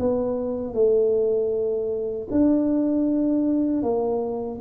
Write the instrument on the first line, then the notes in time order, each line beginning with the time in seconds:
tuba
0.00 B3
0.74 A3
2.31 D4
3.83 A#3